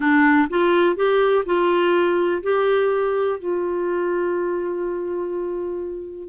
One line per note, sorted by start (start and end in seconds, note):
0.00 0.48 D4
0.49 0.96 F4
0.96 1.44 G4
1.45 2.42 F4
2.43 3.39 G4
3.39 6.28 F4